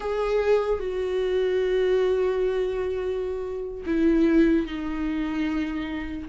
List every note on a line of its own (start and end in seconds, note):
0.00 0.79 G#4
0.79 3.83 F#4
3.86 4.66 E4
4.66 6.28 D#4